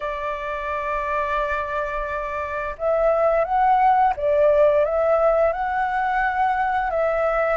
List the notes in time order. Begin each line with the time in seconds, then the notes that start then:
0.00 D5
2.77 E5
3.44 F#5
4.16 D5
4.84 E5
5.52 F#5
6.90 E5